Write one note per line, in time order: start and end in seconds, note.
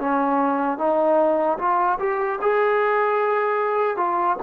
0.00 0.78 C#4
0.78 1.58 D#4
1.59 1.99 F4
2.00 2.40 G4
2.42 3.97 G#4
3.97 4.37 F4